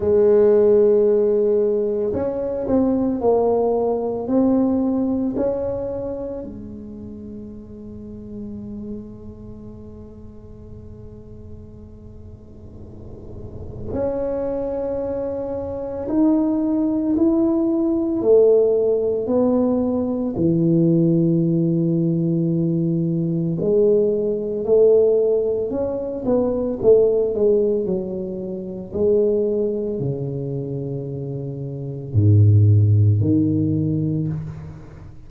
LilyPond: \new Staff \with { instrumentName = "tuba" } { \time 4/4 \tempo 4 = 56 gis2 cis'8 c'8 ais4 | c'4 cis'4 gis2~ | gis1~ | gis4 cis'2 dis'4 |
e'4 a4 b4 e4~ | e2 gis4 a4 | cis'8 b8 a8 gis8 fis4 gis4 | cis2 gis,4 dis4 | }